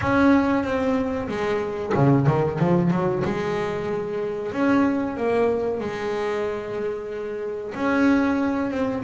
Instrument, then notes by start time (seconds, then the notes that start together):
double bass
0.01 C#4
0.63 C4
1.28 G#3
1.94 C#3
2.26 D#3
2.59 F3
2.90 F#3
3.24 G#3
4.52 C#4
5.16 A#3
5.80 G#3
7.74 C#4
8.70 C4